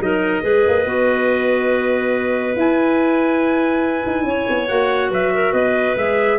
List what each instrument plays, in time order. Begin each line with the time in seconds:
0.00 tuba F#3, clarinet D#4 A#4, trumpet D#5
0.42 tuba G#3, clarinet G#4 B4
0.68 tuba A#3
0.85 tuba B3, clarinet F#4
2.56 clarinet E4, tuba E4, trumpet G#5
4.07 tuba D#4
4.25 tuba C#4, clarinet C#5
4.49 tuba B3
4.68 tuba A#3, clarinet F#4, trumpet F#5
5.11 tuba F#3, clarinet B4, trumpet E5
5.34 clarinet A#4
5.53 tuba B3, clarinet B4, trumpet D#5
5.97 tuba G#3, clarinet G#4, trumpet E5